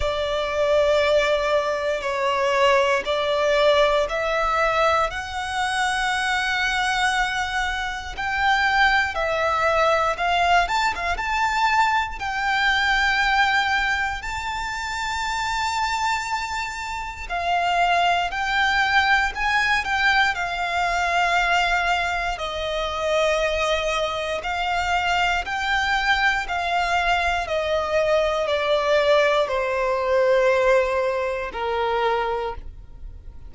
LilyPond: \new Staff \with { instrumentName = "violin" } { \time 4/4 \tempo 4 = 59 d''2 cis''4 d''4 | e''4 fis''2. | g''4 e''4 f''8 a''16 f''16 a''4 | g''2 a''2~ |
a''4 f''4 g''4 gis''8 g''8 | f''2 dis''2 | f''4 g''4 f''4 dis''4 | d''4 c''2 ais'4 | }